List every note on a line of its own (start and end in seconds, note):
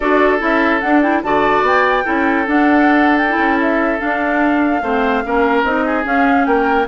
0.00 0.41 D4
0.00 0.38 F#4
0.00 1.21 A4
0.00 0.38 D5
0.38 0.82 C#4
0.38 0.79 E4
0.38 0.80 E5
0.80 1.23 D4
0.80 1.03 D4
0.80 1.01 F#5
1.02 1.23 E4
1.02 1.22 G5
1.23 1.61 D3
1.23 2.04 F#4
1.23 2.04 D5
1.23 1.64 A5
1.61 2.03 B3
1.61 2.47 G5
2.04 2.47 C#4
2.04 2.45 E4
2.04 4.82 A4
2.46 3.28 D4
2.46 3.37 D4
2.46 3.17 F#5
3.17 3.58 G5
3.28 3.98 E4
3.37 3.99 C#4
3.61 4.00 E5
3.98 4.81 D4
3.98 4.82 D4
3.98 5.64 F5
4.82 5.23 A3
4.82 5.24 C4
4.82 5.23 C5
5.24 5.63 A#3
5.24 5.65 C#4
5.24 5.85 A#4
5.63 6.04 C4
5.63 6.03 D#4
5.63 6.05 D#5
5.85 6.47 G#4
6.03 6.86 C#4
6.03 6.46 C#4
6.03 6.45 F5
6.45 6.87 A#3
6.45 6.87 A#4
6.45 6.86 G5